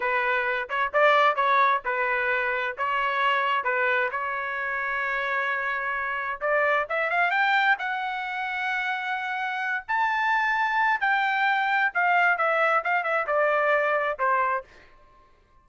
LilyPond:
\new Staff \with { instrumentName = "trumpet" } { \time 4/4 \tempo 4 = 131 b'4. cis''8 d''4 cis''4 | b'2 cis''2 | b'4 cis''2.~ | cis''2 d''4 e''8 f''8 |
g''4 fis''2.~ | fis''4. a''2~ a''8 | g''2 f''4 e''4 | f''8 e''8 d''2 c''4 | }